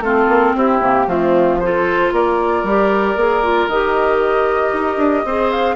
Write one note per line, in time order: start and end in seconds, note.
0.00 0.26 A3
0.00 0.82 C4
0.00 0.57 F4
0.00 0.55 A4
0.29 0.55 A#3
0.56 0.80 C4
0.56 1.07 E4
0.56 1.09 G4
0.80 1.07 C3
0.80 1.08 A#3
1.07 2.12 F3
1.07 1.60 A3
1.07 1.59 C4
1.07 1.61 F4
1.61 2.68 F4
1.61 2.14 A4
1.61 2.13 C5
2.12 2.64 A#3
2.12 5.27 A#4
2.12 3.69 D5
2.64 3.16 G3
2.64 3.18 G4
3.17 3.68 A#3
3.17 3.44 G#4
3.44 3.70 F4
3.68 4.72 D#3
3.68 5.28 G4
3.68 5.51 D#5
4.73 4.98 D#4
4.98 5.24 D4
5.25 5.76 C4
5.25 5.76 G#4
5.25 5.76 C5
5.51 5.76 F5